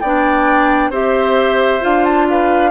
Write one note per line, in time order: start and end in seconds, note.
0.00 0.89 B3
0.00 0.92 D4
0.00 0.90 D5
0.00 0.91 G5
0.89 1.80 C4
0.89 1.80 G4
0.89 2.26 C5
0.89 1.84 E5
1.80 2.70 D4
1.80 2.70 F4
1.80 2.04 F5
2.04 2.27 A5
2.29 2.70 B4
2.29 2.70 F5